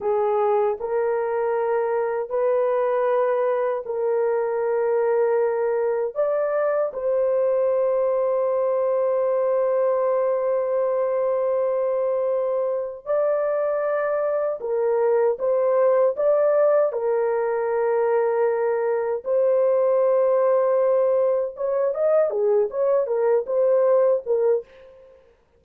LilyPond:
\new Staff \with { instrumentName = "horn" } { \time 4/4 \tempo 4 = 78 gis'4 ais'2 b'4~ | b'4 ais'2. | d''4 c''2.~ | c''1~ |
c''4 d''2 ais'4 | c''4 d''4 ais'2~ | ais'4 c''2. | cis''8 dis''8 gis'8 cis''8 ais'8 c''4 ais'8 | }